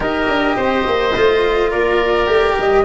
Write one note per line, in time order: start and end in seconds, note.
0.00 0.27 D#4
0.00 1.10 G4
0.00 0.56 A#4
0.00 1.70 D#5
0.27 0.55 D4
0.56 0.85 C4
0.56 1.70 C5
0.86 1.15 A#3
1.16 1.73 A3
1.16 2.26 F4
1.70 2.27 A#3
1.70 2.84 A#4
1.70 2.56 D5
2.26 2.55 A3
2.26 2.84 G4
2.57 2.85 G3
2.57 2.85 D#5